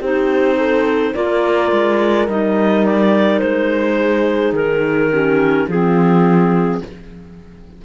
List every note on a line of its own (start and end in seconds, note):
0.00 1.14 C4
0.00 1.15 D#4
0.00 0.57 G4
0.00 1.15 C5
0.58 1.14 A4
1.15 1.72 A#3
1.15 2.28 F4
1.15 3.98 A#4
1.15 2.28 D5
1.72 2.28 G#3
2.28 3.41 G3
2.28 5.12 D#4
2.28 2.86 D#5
2.86 3.40 D5
3.40 4.53 G#3
3.40 4.53 C5
3.99 5.12 G#4
4.53 5.66 D#3
4.53 5.69 A#4
5.12 5.69 C#4
5.12 5.68 G4
5.68 6.81 F3
5.68 6.85 C4
5.68 6.81 F4
5.68 6.83 G#4